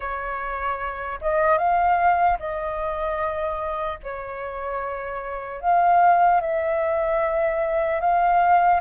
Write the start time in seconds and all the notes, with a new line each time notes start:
0.00 C#5
1.21 D#5
1.58 F5
2.39 D#5
4.03 C#5
5.60 F5
6.40 E5
8.00 F5